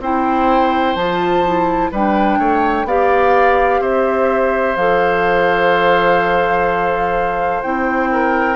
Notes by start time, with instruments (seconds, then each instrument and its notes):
0.00 bassoon C4, clarinet E4, oboe C5, flute G5
0.96 bassoon F3, clarinet F4, flute A5
1.45 clarinet E4
1.92 bassoon G3, clarinet D4, oboe B4, flute G5
2.39 bassoon A3, oboe C#5
2.85 bassoon B3, clarinet G4, oboe D5, flute F5
3.80 bassoon C4, oboe C5, flute E5
4.76 bassoon F3, clarinet A4, flute F5
7.62 bassoon C4, clarinet E4, flute G5
8.13 oboe A#4